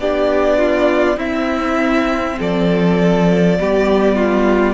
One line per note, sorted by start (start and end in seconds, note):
0.00 1.17 B3
0.00 1.18 D4
0.00 0.59 G4
0.00 1.19 D5
0.59 1.18 F4
1.17 2.37 C4
1.17 3.58 C4
1.17 2.38 E4
1.17 2.39 E5
2.39 3.60 F3
2.39 3.59 A4
2.39 4.75 D5
3.60 4.75 G3
3.60 4.75 B3
3.60 4.16 G4
4.16 4.75 F4